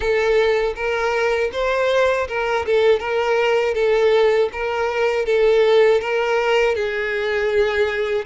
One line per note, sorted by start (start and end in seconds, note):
0.00 0.74 A4
0.75 1.50 A#4
1.52 2.27 C5
2.27 2.65 A#4
2.66 2.99 A4
2.99 3.74 A#4
3.74 4.49 A4
4.52 5.25 A#4
5.25 6.00 A4
6.00 6.75 A#4
6.75 8.25 G#4